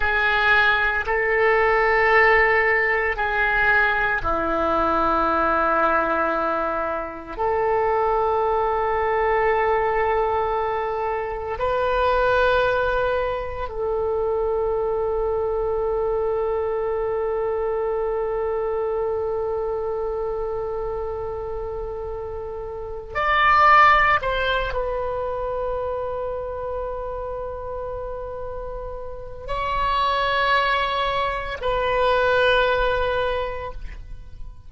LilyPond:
\new Staff \with { instrumentName = "oboe" } { \time 4/4 \tempo 4 = 57 gis'4 a'2 gis'4 | e'2. a'4~ | a'2. b'4~ | b'4 a'2.~ |
a'1~ | a'2 d''4 c''8 b'8~ | b'1 | cis''2 b'2 | }